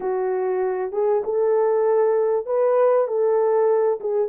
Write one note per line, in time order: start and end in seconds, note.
0.00 0.92 F#4
0.92 1.22 G#4
1.24 2.46 A4
2.46 3.07 B4
3.07 3.99 A4
4.00 4.28 G#4